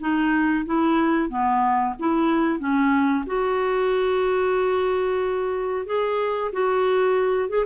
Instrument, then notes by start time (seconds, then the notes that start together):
clarinet
0.00 D#4
0.66 E4
1.29 B3
1.99 E4
2.59 C#4
3.26 F#4
5.86 G#4
6.52 F#4
7.49 G#4